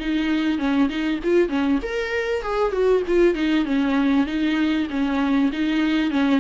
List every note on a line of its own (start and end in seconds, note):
0.00 0.58 D#4
0.58 0.89 C#4
0.89 1.20 D#4
1.24 1.49 F4
1.49 1.79 C#4
1.82 2.42 A#4
2.42 2.72 G#4
2.72 3.03 F#4
3.07 3.35 F4
3.35 3.65 D#4
3.65 4.26 C#4
4.26 4.88 D#4
4.90 5.51 C#4
5.52 6.11 D#4
6.11 6.40 C#4